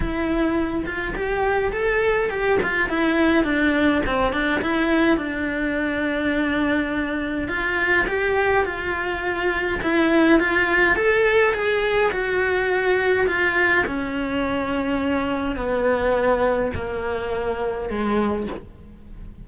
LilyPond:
\new Staff \with { instrumentName = "cello" } { \time 4/4 \tempo 4 = 104 e'4. f'8 g'4 a'4 | g'8 f'8 e'4 d'4 c'8 d'8 | e'4 d'2.~ | d'4 f'4 g'4 f'4~ |
f'4 e'4 f'4 a'4 | gis'4 fis'2 f'4 | cis'2. b4~ | b4 ais2 gis4 | }